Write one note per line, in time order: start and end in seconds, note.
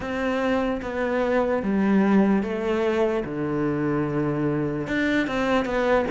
0.00 0.80 C4
0.81 1.63 B3
1.63 2.42 G3
2.42 3.23 A3
3.24 4.86 D3
4.87 5.27 D4
5.27 5.65 C4
5.65 6.05 B3